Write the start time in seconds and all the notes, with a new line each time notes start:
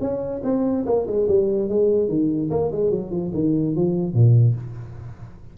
0.00 C#4
0.43 C4
0.85 A#3
1.06 G#3
1.27 G3
1.68 G#3
2.08 D#3
2.50 A#3
2.71 G#3
2.90 F#3
3.10 F3
3.34 D#3
3.75 F3
4.13 A#2